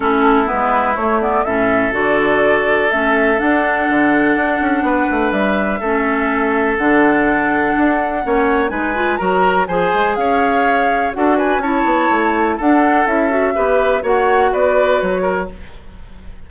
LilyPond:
<<
  \new Staff \with { instrumentName = "flute" } { \time 4/4 \tempo 4 = 124 a'4 b'4 cis''8 d''8 e''4 | d''2 e''4 fis''4~ | fis''2. e''4~ | e''2 fis''2~ |
fis''2 gis''4 ais''4 | gis''4 f''2 fis''8 gis''8 | a''2 fis''4 e''4~ | e''4 fis''4 d''4 cis''4 | }
  \new Staff \with { instrumentName = "oboe" } { \time 4/4 e'2. a'4~ | a'1~ | a'2 b'2 | a'1~ |
a'4 cis''4 b'4 ais'4 | c''4 cis''2 a'8 b'8 | cis''2 a'2 | b'4 cis''4 b'4. ais'8 | }
  \new Staff \with { instrumentName = "clarinet" } { \time 4/4 cis'4 b4 a8 b8 cis'4 | fis'2 cis'4 d'4~ | d'1 | cis'2 d'2~ |
d'4 cis'4 dis'8 f'8 fis'4 | gis'2. fis'4 | e'2 d'4 e'8 fis'8 | g'4 fis'2. | }
  \new Staff \with { instrumentName = "bassoon" } { \time 4/4 a4 gis4 a4 a,4 | d2 a4 d'4 | d4 d'8 cis'8 b8 a8 g4 | a2 d2 |
d'4 ais4 gis4 fis4 | f8 gis8 cis'2 d'4 | cis'8 b8 a4 d'4 cis'4 | b4 ais4 b4 fis4 | }
>>